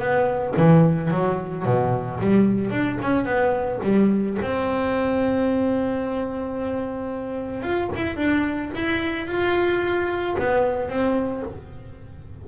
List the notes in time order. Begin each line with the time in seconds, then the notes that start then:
0.00 B3
0.57 E3
1.11 F#3
1.65 B2
2.20 G3
2.71 D4
3.02 C#4
3.26 B3
3.84 G3
4.42 C4
7.63 F4
7.96 E4
8.17 D4
8.75 E4
9.28 F4
10.39 B3
10.89 C4